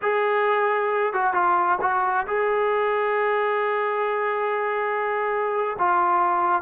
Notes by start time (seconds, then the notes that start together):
0.01 G#4
1.13 F#4
1.33 F4
1.81 F#4
2.27 G#4
5.79 F4